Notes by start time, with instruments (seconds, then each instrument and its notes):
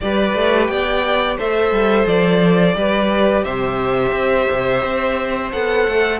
0.00 cello G3, viola G4, violin B4 D5
0.34 cello A3
0.66 cello B3, violin D5 G5
1.37 cello A3, viola A4, violin C5 E5
1.71 cello G3
2.06 cello F3, violin D5
2.74 cello G3, viola G4, violin B4
3.44 cello C3, violin C5 E5
4.11 cello C4
4.50 cello C3
4.83 cello C4
5.52 cello B3, viola A4, violin F#5
5.88 cello A3